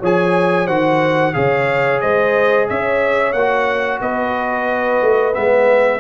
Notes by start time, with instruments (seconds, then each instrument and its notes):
0.00 tuba F3, trombone G#4, horn C#5, trumpet G#5
0.67 tuba D#3, trombone F#4, horn C5, trumpet F#5
1.34 tuba C#3, trombone G#4, horn C#5, trumpet F5
2.01 tuba G#3, horn C5, trumpet D#5
2.70 tuba C#4, horn C#5, trumpet E5
3.33 tuba A#3, trombone F#4, trumpet F#5
4.02 tuba B3, horn B4, trumpet D#5
5.02 tuba A3
5.34 tuba G#3, trombone B3, trumpet E5